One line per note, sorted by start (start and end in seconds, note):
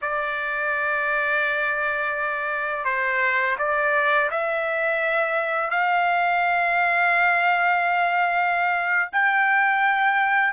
0.01 2.84 D5
2.84 3.56 C5
3.58 4.30 D5
4.30 5.70 E5
5.70 9.09 F5
9.12 10.53 G5